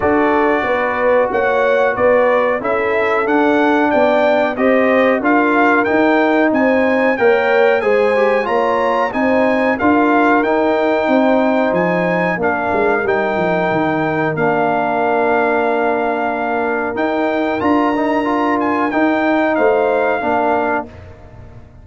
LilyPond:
<<
  \new Staff \with { instrumentName = "trumpet" } { \time 4/4 \tempo 4 = 92 d''2 fis''4 d''4 | e''4 fis''4 g''4 dis''4 | f''4 g''4 gis''4 g''4 | gis''4 ais''4 gis''4 f''4 |
g''2 gis''4 f''4 | g''2 f''2~ | f''2 g''4 ais''4~ | ais''8 gis''8 g''4 f''2 | }
  \new Staff \with { instrumentName = "horn" } { \time 4/4 a'4 b'4 cis''4 b'4 | a'2 d''4 c''4 | ais'2 c''4 cis''4 | c''4 cis''4 c''4 ais'4~ |
ais'4 c''2 ais'4~ | ais'1~ | ais'1~ | ais'2 c''4 ais'4 | }
  \new Staff \with { instrumentName = "trombone" } { \time 4/4 fis'1 | e'4 d'2 g'4 | f'4 dis'2 ais'4 | gis'8 g'8 f'4 dis'4 f'4 |
dis'2. d'4 | dis'2 d'2~ | d'2 dis'4 f'8 dis'8 | f'4 dis'2 d'4 | }
  \new Staff \with { instrumentName = "tuba" } { \time 4/4 d'4 b4 ais4 b4 | cis'4 d'4 b4 c'4 | d'4 dis'4 c'4 ais4 | gis4 ais4 c'4 d'4 |
dis'4 c'4 f4 ais8 gis8 | g8 f8 dis4 ais2~ | ais2 dis'4 d'4~ | d'4 dis'4 a4 ais4 | }
>>